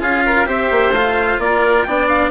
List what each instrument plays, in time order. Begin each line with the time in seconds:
0.00 bassoon C#4, cello F4, oboe G#4, trumpet F5
0.26 oboe A#4
0.45 bassoon C4, cello G4, oboe C5, trumpet E5
0.70 bassoon A#3
0.91 bassoon A3, cello F4, trumpet F5
1.38 bassoon A#3, oboe A#4, trumpet D5
1.83 bassoon B3, cello D4, oboe D5, trumpet G5
2.08 trumpet F5